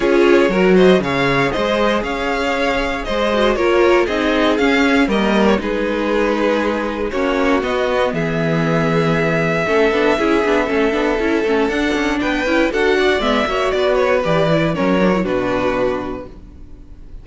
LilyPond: <<
  \new Staff \with { instrumentName = "violin" } { \time 4/4 \tempo 4 = 118 cis''4. dis''8 f''4 dis''4 | f''2 dis''4 cis''4 | dis''4 f''4 dis''8. cis''16 b'4~ | b'2 cis''4 dis''4 |
e''1~ | e''2. fis''4 | g''4 fis''4 e''4 d''8 cis''8 | d''4 cis''4 b'2 | }
  \new Staff \with { instrumentName = "violin" } { \time 4/4 gis'4 ais'8 c''8 cis''4 c''4 | cis''2 c''4 ais'4 | gis'2 ais'4 gis'4~ | gis'2 fis'2 |
gis'2. a'4 | gis'4 a'2. | b'4 a'8 d''4 cis''8 b'4~ | b'4 ais'4 fis'2 | }
  \new Staff \with { instrumentName = "viola" } { \time 4/4 f'4 fis'4 gis'2~ | gis'2~ gis'8 fis'8 f'4 | dis'4 cis'4 ais4 dis'4~ | dis'2 cis'4 b4~ |
b2. cis'8 d'8 | e'8 d'8 cis'8 d'8 e'8 cis'8 d'4~ | d'8 e'8 fis'4 b8 fis'4. | g'8 e'8 cis'8 d'16 e'16 d'2 | }
  \new Staff \with { instrumentName = "cello" } { \time 4/4 cis'4 fis4 cis4 gis4 | cis'2 gis4 ais4 | c'4 cis'4 g4 gis4~ | gis2 ais4 b4 |
e2. a8 b8 | cis'8 b8 a8 b8 cis'8 a8 d'8 cis'8 | b8 cis'8 d'4 gis8 ais8 b4 | e4 fis4 b,2 | }
>>